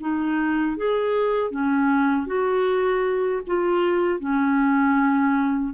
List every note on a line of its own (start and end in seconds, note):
0.00 0.76 D#4
0.76 1.51 G#4
1.51 2.26 C#4
2.26 3.42 F#4
3.47 4.20 F4
4.20 5.73 C#4